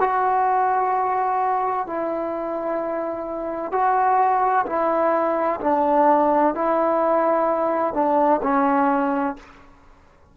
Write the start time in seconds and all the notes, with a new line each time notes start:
0.00 F#4
1.87 E4
3.72 F#4
4.66 E4
5.61 D4
6.55 E4
7.94 D4
8.42 C#4